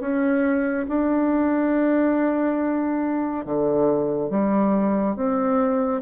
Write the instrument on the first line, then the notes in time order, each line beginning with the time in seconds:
bassoon
0.00 C#4
0.88 D4
3.45 D3
4.30 G3
5.16 C4